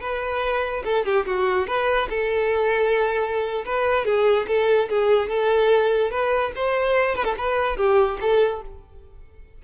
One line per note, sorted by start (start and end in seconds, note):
0.00 0.83 B4
0.84 1.05 A4
1.05 1.25 G4
1.25 1.67 F#4
1.67 2.08 B4
2.09 3.64 A4
3.65 4.05 B4
4.05 4.46 G#4
4.47 4.88 A4
4.89 5.29 G#4
5.29 6.10 A4
6.10 6.52 B4
6.55 7.15 C5
7.15 7.24 B4
7.24 7.34 A4
7.37 7.76 B4
7.76 8.18 G4
8.20 8.62 A4